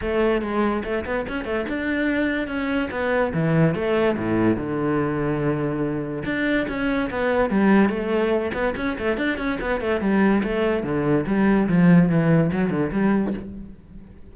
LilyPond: \new Staff \with { instrumentName = "cello" } { \time 4/4 \tempo 4 = 144 a4 gis4 a8 b8 cis'8 a8 | d'2 cis'4 b4 | e4 a4 a,4 d4~ | d2. d'4 |
cis'4 b4 g4 a4~ | a8 b8 cis'8 a8 d'8 cis'8 b8 a8 | g4 a4 d4 g4 | f4 e4 fis8 d8 g4 | }